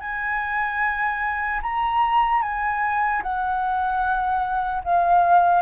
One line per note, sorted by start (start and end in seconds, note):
0.00 1.60 G#5
1.62 2.42 A#5
2.42 3.22 G#5
3.23 4.83 F#5
4.84 5.61 F5